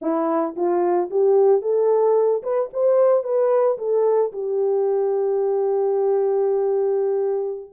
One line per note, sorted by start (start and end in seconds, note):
0.01 0.55 E4
0.56 1.10 F4
1.10 1.61 G4
1.61 2.42 A4
2.43 2.70 B4
2.73 3.23 C5
3.23 3.77 B4
3.77 4.31 A4
4.32 7.70 G4